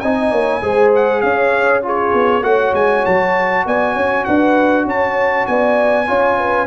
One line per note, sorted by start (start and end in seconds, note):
0.00 0.32 C4
0.00 0.62 D#4
0.00 0.31 D#5
0.00 0.91 G#5
0.31 0.62 A#3
0.31 0.62 C#5
0.62 1.23 G#3
0.62 1.83 G#4
0.62 1.23 C5
0.95 1.21 F#5
1.21 2.14 C#4
1.21 1.85 C#5
1.21 1.82 F5
1.83 2.42 F4
1.83 2.45 G#4
1.83 2.44 C#5
2.14 2.42 B3
2.42 2.72 A3
2.42 6.06 F#4
2.42 3.66 C#5
2.42 2.74 F#5
2.74 3.04 G#3
2.74 3.06 G#5
3.06 3.66 F#3
3.06 3.66 A5
3.66 3.96 B3
3.66 3.95 D5
3.66 4.25 G#5
3.95 4.27 C#4
3.95 4.26 C#5
4.25 4.86 D4
4.25 4.87 B4
4.25 4.86 F#5
4.86 5.46 C#4
4.86 5.49 C#5
4.86 5.47 A5
5.47 6.09 B3
5.47 6.08 D5
5.47 6.67 G#5
6.07 6.67 C#4
6.07 6.67 F4
6.07 6.38 C#5
6.39 6.67 B4